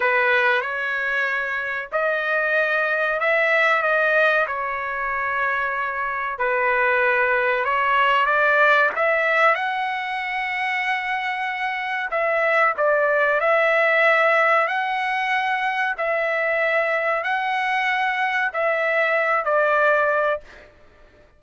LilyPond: \new Staff \with { instrumentName = "trumpet" } { \time 4/4 \tempo 4 = 94 b'4 cis''2 dis''4~ | dis''4 e''4 dis''4 cis''4~ | cis''2 b'2 | cis''4 d''4 e''4 fis''4~ |
fis''2. e''4 | d''4 e''2 fis''4~ | fis''4 e''2 fis''4~ | fis''4 e''4. d''4. | }